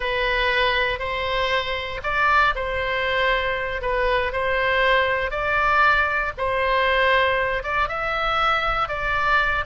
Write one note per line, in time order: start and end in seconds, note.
0.00 0.99 B4
0.99 2.00 C5
2.03 2.54 D5
2.55 3.81 C5
3.81 4.32 B4
4.32 5.30 C5
5.30 6.32 D5
6.37 7.63 C5
7.63 7.88 D5
7.88 8.88 E5
8.88 9.64 D5